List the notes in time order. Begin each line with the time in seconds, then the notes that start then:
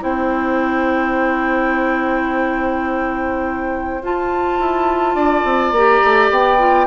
0.00 C4 E4 C5 G5
4.02 F4 A5
4.59 E4
5.15 D4 D5
5.44 C4
5.71 A#3 G4 A#5
6.04 A3
6.30 B3 G5
6.59 F4